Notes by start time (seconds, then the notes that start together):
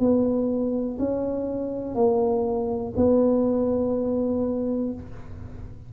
0.00 B3
0.99 C#4
1.95 A#3
2.97 B3